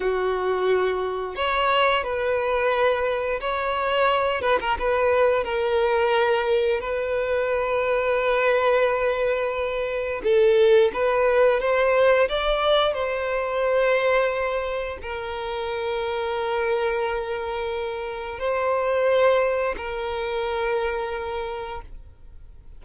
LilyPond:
\new Staff \with { instrumentName = "violin" } { \time 4/4 \tempo 4 = 88 fis'2 cis''4 b'4~ | b'4 cis''4. b'16 ais'16 b'4 | ais'2 b'2~ | b'2. a'4 |
b'4 c''4 d''4 c''4~ | c''2 ais'2~ | ais'2. c''4~ | c''4 ais'2. | }